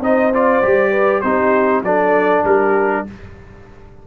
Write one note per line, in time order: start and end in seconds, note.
0.00 0.61 C4
0.00 0.32 D#4
0.00 0.91 C5
0.00 0.33 D#5
0.33 0.62 F4
0.33 1.21 D5
0.62 1.23 G3
0.62 1.23 G4
0.91 1.21 B4
1.21 1.82 C4
1.21 1.84 D#4
1.21 1.83 G4
1.21 1.81 C5
1.82 2.43 F#3
1.82 3.07 D4
1.82 2.45 A4
1.82 2.44 D5
2.44 3.05 G3
2.44 3.05 G4
2.44 3.05 A#4